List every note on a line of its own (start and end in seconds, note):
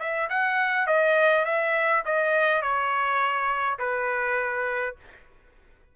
0.00 0.29 E5
0.30 0.87 F#5
0.87 1.45 D#5
1.45 2.04 E5
2.06 2.62 D#5
2.62 3.79 C#5
3.79 4.96 B4